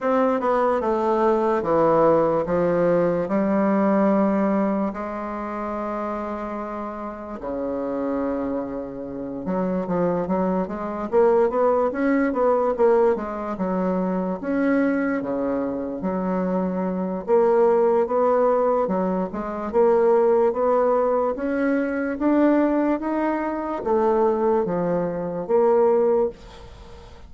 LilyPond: \new Staff \with { instrumentName = "bassoon" } { \time 4/4 \tempo 4 = 73 c'8 b8 a4 e4 f4 | g2 gis2~ | gis4 cis2~ cis8 fis8 | f8 fis8 gis8 ais8 b8 cis'8 b8 ais8 |
gis8 fis4 cis'4 cis4 fis8~ | fis4 ais4 b4 fis8 gis8 | ais4 b4 cis'4 d'4 | dis'4 a4 f4 ais4 | }